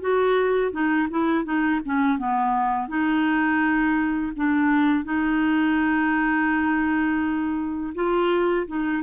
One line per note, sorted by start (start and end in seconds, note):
0.00 0.71 F#4
0.71 1.07 D#4
1.10 1.44 E4
1.44 1.80 D#4
1.85 2.18 C#4
2.18 2.88 B3
2.88 4.32 D#4
4.36 5.04 D4
5.04 7.93 D#4
7.94 8.66 F4
8.67 9.03 D#4